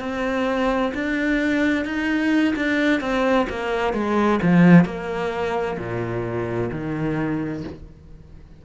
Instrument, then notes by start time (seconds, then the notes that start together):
cello
0.00 C4
0.94 D4
1.85 D#4
2.56 D4
3.00 C4
3.50 A#3
3.93 G#3
4.42 F3
4.85 A#3
5.78 A#2
6.71 D#3